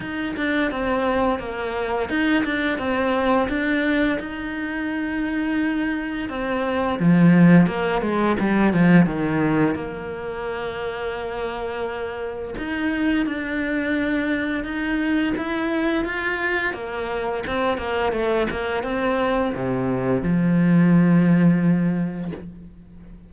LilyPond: \new Staff \with { instrumentName = "cello" } { \time 4/4 \tempo 4 = 86 dis'8 d'8 c'4 ais4 dis'8 d'8 | c'4 d'4 dis'2~ | dis'4 c'4 f4 ais8 gis8 | g8 f8 dis4 ais2~ |
ais2 dis'4 d'4~ | d'4 dis'4 e'4 f'4 | ais4 c'8 ais8 a8 ais8 c'4 | c4 f2. | }